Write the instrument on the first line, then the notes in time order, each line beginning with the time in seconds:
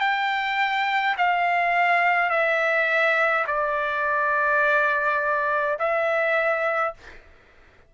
trumpet
0.00 G5
1.17 F5
2.29 E5
3.47 D5
5.78 E5